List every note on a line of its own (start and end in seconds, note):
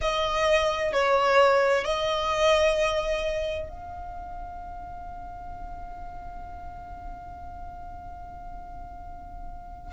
0.01 0.92 D#5
0.92 1.84 C#5
1.84 3.69 D#5
3.69 9.92 F5